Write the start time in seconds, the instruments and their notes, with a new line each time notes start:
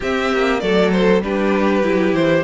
0.00 viola C4, cello C4, violin G4 E5
0.32 cello A#3
0.60 cello F#3, viola A3, violin A4 D5
0.91 violin C5
1.22 cello G3, viola D4, violin G4 B4
1.83 cello F#3, viola E4
2.13 cello E3, violin C5